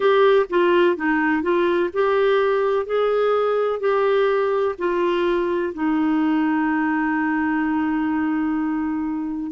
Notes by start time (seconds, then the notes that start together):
0.00 G4
0.49 F4
0.96 D#4
1.42 F4
1.93 G4
2.86 G#4
3.80 G4
4.78 F4
5.73 D#4